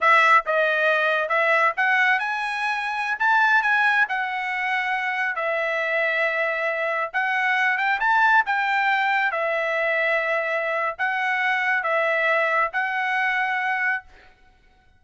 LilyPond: \new Staff \with { instrumentName = "trumpet" } { \time 4/4 \tempo 4 = 137 e''4 dis''2 e''4 | fis''4 gis''2~ gis''16 a''8.~ | a''16 gis''4 fis''2~ fis''8.~ | fis''16 e''2.~ e''8.~ |
e''16 fis''4. g''8 a''4 g''8.~ | g''4~ g''16 e''2~ e''8.~ | e''4 fis''2 e''4~ | e''4 fis''2. | }